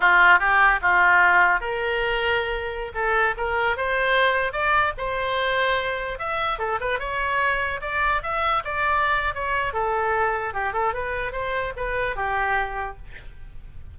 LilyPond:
\new Staff \with { instrumentName = "oboe" } { \time 4/4 \tempo 4 = 148 f'4 g'4 f'2 | ais'2.~ ais'16 a'8.~ | a'16 ais'4 c''2 d''8.~ | d''16 c''2. e''8.~ |
e''16 a'8 b'8 cis''2 d''8.~ | d''16 e''4 d''4.~ d''16 cis''4 | a'2 g'8 a'8 b'4 | c''4 b'4 g'2 | }